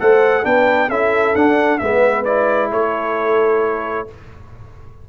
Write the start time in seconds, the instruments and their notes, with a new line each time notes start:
0.00 tuba A3, trombone A4, horn C5, trumpet F#5
0.43 tuba B3, trombone D4, horn B4, trumpet G5
0.89 tuba C#4, trombone E4, horn A4, trumpet E5
1.35 trombone D4, tuba D4, trumpet F#5
1.79 tuba G#3, trombone B3, horn B4, trumpet E5
2.25 trombone E4, trumpet D5
2.72 tuba A3, horn A4, trumpet C#5